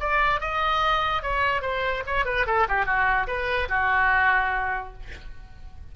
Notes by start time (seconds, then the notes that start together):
0.00 D5
0.40 D#5
1.22 C#5
1.62 C5
2.06 C#5
2.25 B4
2.46 A4
2.68 G4
2.86 F#4
3.27 B4
3.69 F#4